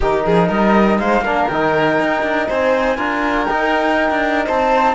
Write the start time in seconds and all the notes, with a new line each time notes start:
0.00 D#3 D#4 G4 A#4
0.25 F3 G#4
0.48 G3 A#4 D#5
0.98 G#3 C5 F5
1.21 A#3 D4 A#4
1.48 D#3 D#4 G5
1.99 D#4
2.22 D4
2.48 C4 C5 G#5
2.96 D4 F4 A#4
3.44 D#4 G5
4.10 D4
4.45 C4 C5 A5